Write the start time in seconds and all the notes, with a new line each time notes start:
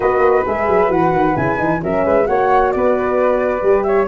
0.00 B3 F#4 B4 D#5
0.19 A#3
0.45 G#3 G#4 E5
0.67 F#3
0.87 E3 F#4 F#5
1.11 D#3
1.36 C#3 E4 G#5
1.56 E3 D#4
1.82 F#3 C#4 A#4 E5
2.05 G#3 B4
2.25 A#3 F#4 C#5 F#5
2.71 B3 B4 D5
3.62 G3 G4
3.83 C#5 E5